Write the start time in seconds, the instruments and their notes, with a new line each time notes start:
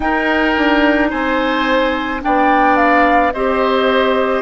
0.00 bassoon D#4, clarinet D#4, oboe A#4, flute G5
0.56 bassoon D4
1.10 bassoon C4, oboe C5, flute G#5
2.20 bassoon B3, clarinet D4, oboe D5, flute G5
2.76 flute F5
3.32 bassoon C4, clarinet G4, oboe C5, flute D#5